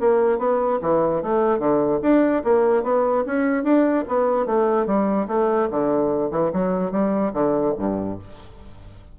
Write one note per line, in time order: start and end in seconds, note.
0.00 0.38 A#3
0.38 0.79 B3
0.82 1.22 E3
1.22 1.59 A3
1.59 2.00 D3
2.02 2.43 D4
2.44 2.83 A#3
2.83 3.24 B3
3.26 3.63 C#4
3.63 4.04 D4
4.08 4.46 B3
4.46 4.86 A3
4.86 5.27 G3
5.28 5.68 A3
5.71 6.31 D3
6.31 6.51 E3
6.53 6.92 F#3
6.92 7.32 G3
7.33 7.74 D3
7.78 8.19 G2